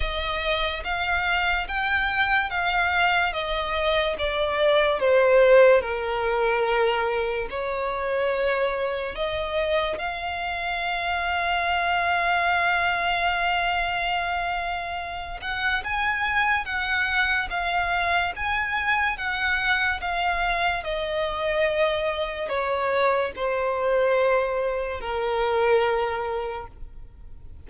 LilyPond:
\new Staff \with { instrumentName = "violin" } { \time 4/4 \tempo 4 = 72 dis''4 f''4 g''4 f''4 | dis''4 d''4 c''4 ais'4~ | ais'4 cis''2 dis''4 | f''1~ |
f''2~ f''8 fis''8 gis''4 | fis''4 f''4 gis''4 fis''4 | f''4 dis''2 cis''4 | c''2 ais'2 | }